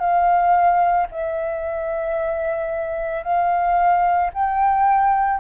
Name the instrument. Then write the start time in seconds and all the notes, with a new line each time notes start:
flute
0.00 F5
1.12 E5
3.23 F5
4.34 G5